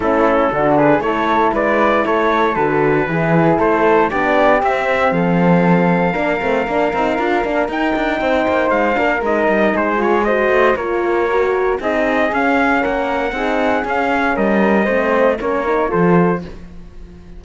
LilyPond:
<<
  \new Staff \with { instrumentName = "trumpet" } { \time 4/4 \tempo 4 = 117 a'4. b'8 cis''4 d''4 | cis''4 b'2 c''4 | d''4 e''4 f''2~ | f''2. g''4~ |
g''4 f''4 dis''4 c''8 cis''8 | dis''4 cis''2 dis''4 | f''4 fis''2 f''4 | dis''2 cis''4 c''4 | }
  \new Staff \with { instrumentName = "flute" } { \time 4/4 e'4 fis'8 gis'8 a'4 b'4 | a'2 gis'4 a'4 | g'2 a'2 | ais'1 |
c''4. ais'4. gis'4 | c''4 ais'2 gis'4~ | gis'4 ais'4 gis'2 | ais'4 c''4 ais'4 a'4 | }
  \new Staff \with { instrumentName = "horn" } { \time 4/4 cis'4 d'4 e'2~ | e'4 fis'4 e'2 | d'4 c'2. | d'8 c'8 d'8 dis'8 f'8 d'8 dis'4~ |
dis'4. d'8 dis'4. f'8 | fis'4 f'4 fis'4 dis'4 | cis'2 dis'4 cis'4~ | cis'4 c'4 cis'8 dis'8 f'4 | }
  \new Staff \with { instrumentName = "cello" } { \time 4/4 a4 d4 a4 gis4 | a4 d4 e4 a4 | b4 c'4 f2 | ais8 a8 ais8 c'8 d'8 ais8 dis'8 d'8 |
c'8 ais8 gis8 ais8 gis8 g8 gis4~ | gis8 a8 ais2 c'4 | cis'4 ais4 c'4 cis'4 | g4 a4 ais4 f4 | }
>>